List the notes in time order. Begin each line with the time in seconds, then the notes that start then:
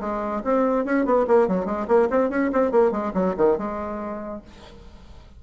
0.00 G#3
0.44 C4
0.85 C#4
1.05 B3
1.27 A#3
1.48 F#3
1.66 G#3
1.88 A#3
2.10 C4
2.30 C#4
2.53 C4
2.71 A#3
2.91 G#3
3.14 F#3
3.37 D#3
3.58 G#3